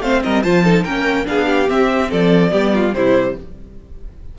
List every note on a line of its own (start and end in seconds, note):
0.00 0.21 A3
0.00 0.43 C4
0.00 0.23 C5
0.00 0.22 F5
0.23 0.44 G3
0.23 0.43 A#4
0.23 0.43 D#5
0.43 0.85 F3
0.43 0.63 F4
0.43 0.64 C5
0.43 0.84 A5
0.63 0.84 D#4
0.63 0.83 A4
0.83 1.26 A#3
0.83 1.25 C#4
0.83 1.25 A#4
0.83 1.26 G5
1.25 1.69 B3
1.25 1.66 D4
1.25 1.46 G#4
1.25 1.69 F5
1.46 2.08 G4
1.68 2.50 C4
1.68 2.11 C4
1.68 2.11 E5
2.09 2.52 F3
2.09 2.51 A4
2.09 2.93 D5
2.50 2.93 G3
2.50 2.92 B3
2.50 2.72 G4
2.74 2.95 F4
2.93 3.35 C3
2.93 3.37 G3
2.93 3.38 E4
2.93 3.35 C5